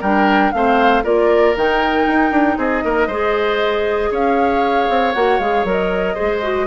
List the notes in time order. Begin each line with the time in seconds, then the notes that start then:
0.00 G3 D4 A#4 G5
0.51 A3 C4 C5 F5
1.03 A#3 F4 A#4 D5
1.56 D#3 D#4 G5
2.07 D#4
2.31 D4
2.57 C4 G#4 D#5
2.84 A#3 A#4
3.07 G#3 G#4 C5
4.11 C#4 C#5 F5
4.89 C4
5.13 A#3 F#4 F#5
5.39 G#3 G#4 F5
5.64 F#3 A#4
5.70 D#5
6.14 G#4 C5
6.21 G#3
6.42 F#4